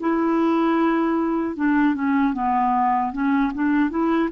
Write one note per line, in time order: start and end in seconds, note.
0.00 1.56 E4
1.56 1.94 D4
1.94 2.34 C#4
2.34 3.13 B3
3.13 3.52 C#4
3.54 3.90 D4
3.90 4.30 E4